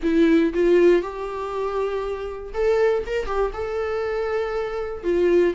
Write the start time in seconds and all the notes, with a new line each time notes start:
0.03 E4
0.53 F4
1.02 G4
2.53 A4
3.06 A#4
3.26 G4
3.53 A4
5.03 F4